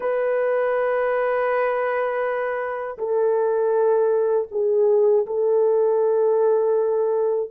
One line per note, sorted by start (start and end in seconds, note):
0.00 2.97 B4
2.98 4.48 A4
4.51 5.26 G#4
5.26 7.50 A4